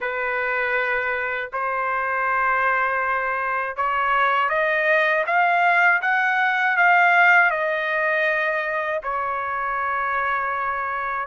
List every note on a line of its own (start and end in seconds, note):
0.00 1.50 B4
1.52 3.76 C5
3.76 4.49 C#5
4.49 5.24 D#5
5.26 6.01 F5
6.01 6.76 F#5
6.77 7.50 F5
7.50 9.00 D#5
9.03 11.26 C#5